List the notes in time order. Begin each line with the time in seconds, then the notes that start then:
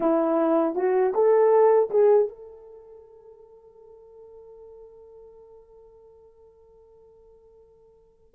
0.00 E4
0.75 F#4
1.14 A4
1.90 G#4
2.28 A4